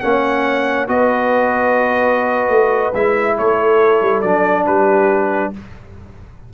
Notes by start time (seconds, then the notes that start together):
0.00 A#3 C#4 C#5 F#5
0.87 B3 F#4 B4 D#5
2.49 A3
2.93 G#3 E4 E5
3.37 A3 A4 C#5
4.01 G3
4.21 F#3 D4 D5
4.65 G3 G4 B4